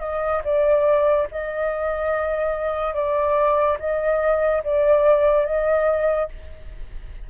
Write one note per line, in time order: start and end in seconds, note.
0.00 0.42 D#5
0.44 1.27 D5
1.31 2.94 D#5
2.94 3.77 D5
3.80 4.63 D#5
4.64 5.45 D5
5.45 6.28 D#5